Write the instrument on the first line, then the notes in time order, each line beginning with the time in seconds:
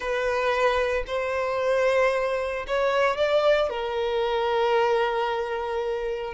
violin
0.00 B4
1.06 C5
2.67 C#5
3.16 D5
3.69 A#4